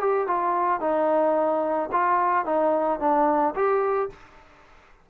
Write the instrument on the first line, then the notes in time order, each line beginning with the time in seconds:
trombone
0.00 G4
0.27 F4
0.80 D#4
1.92 F4
2.45 D#4
3.00 D4
3.55 G4